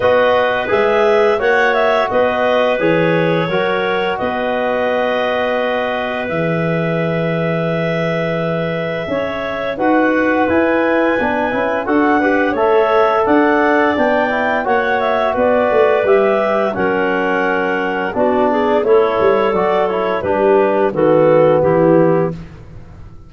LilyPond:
<<
  \new Staff \with { instrumentName = "clarinet" } { \time 4/4 \tempo 4 = 86 dis''4 e''4 fis''8 e''8 dis''4 | cis''2 dis''2~ | dis''4 e''2.~ | e''2 fis''4 gis''4~ |
gis''4 fis''4 e''4 fis''4 | g''4 fis''8 e''8 d''4 e''4 | fis''2 d''4 cis''4 | d''8 cis''8 b'4 a'4 g'4 | }
  \new Staff \with { instrumentName = "clarinet" } { \time 4/4 b'2 cis''4 b'4~ | b'4 ais'4 b'2~ | b'1~ | b'4 cis''4 b'2~ |
b'4 a'8 b'8 cis''4 d''4~ | d''4 cis''4 b'2 | ais'2 fis'8 gis'8 a'4~ | a'4 g'4 fis'4 e'4 | }
  \new Staff \with { instrumentName = "trombone" } { \time 4/4 fis'4 gis'4 fis'2 | gis'4 fis'2.~ | fis'4 gis'2.~ | gis'2 fis'4 e'4 |
d'8 e'8 fis'8 g'8 a'2 | d'8 e'8 fis'2 g'4 | cis'2 d'4 e'4 | fis'8 e'8 d'4 b2 | }
  \new Staff \with { instrumentName = "tuba" } { \time 4/4 b4 gis4 ais4 b4 | e4 fis4 b2~ | b4 e2.~ | e4 cis'4 dis'4 e'4 |
b8 cis'8 d'4 a4 d'4 | b4 ais4 b8 a8 g4 | fis2 b4 a8 g8 | fis4 g4 dis4 e4 | }
>>